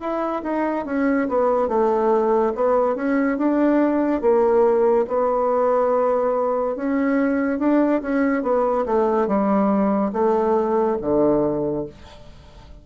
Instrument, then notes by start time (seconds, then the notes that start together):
bassoon
0.00 E4
0.43 D#4
0.86 C#4
1.29 B3
1.69 A3
2.55 B3
2.96 C#4
3.38 D4
4.22 A#3
5.08 B3
6.76 C#4
7.59 D4
8.02 C#4
8.43 B3
8.86 A3
9.28 G3
10.13 A3
11.02 D3